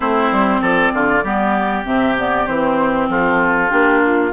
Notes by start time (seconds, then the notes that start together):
0.00 A3 C4 E4 C5
0.31 G3
0.61 F3 A4 D5
0.93 D3 F4
1.23 G3 B3 G4
1.84 C3 C4 E5
2.17 B3 D5
2.46 E3 C4 C5
3.08 F3 F4 A4
3.69 A#3 D4 G4
4.04 F4